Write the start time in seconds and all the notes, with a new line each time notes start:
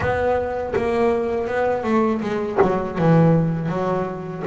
0.00 B3
0.76 A#3
1.46 B3
1.83 A3
2.21 G#3
2.62 F#3
2.98 E3
3.68 F#3